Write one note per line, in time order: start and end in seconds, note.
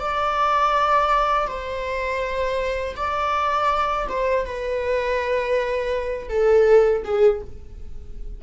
0.00 1.47 D5
1.47 2.96 C5
2.96 4.07 D5
4.08 4.45 C5
4.45 6.29 B4
6.29 7.03 A4
7.04 7.41 G#4